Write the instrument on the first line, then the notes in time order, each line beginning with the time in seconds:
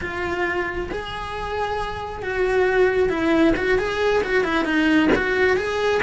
cello
0.01 F4
0.91 G#4
2.22 F#4
3.09 E4
3.56 F#4
3.78 G#4
4.23 F#4
4.44 E4
4.64 D#4
5.15 F#4
5.57 G#4